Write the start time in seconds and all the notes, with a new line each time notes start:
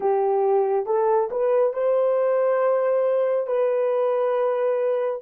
0.00 G4
0.85 A4
1.30 B4
1.73 C5
3.46 B4